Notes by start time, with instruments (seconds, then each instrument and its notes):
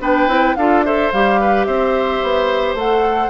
0.00 bassoon B3, clarinet D4, oboe B4, flute G5
0.28 bassoon C4, clarinet E4
0.56 bassoon D4, clarinet F4, oboe A4, flute F5
0.84 clarinet A4, oboe C5, flute E5
1.12 bassoon G3, clarinet G4, flute F5
1.40 oboe B4
1.65 bassoon C4, oboe C5, flute E5
2.22 bassoon B3
2.75 bassoon A3, clarinet A4, flute F#5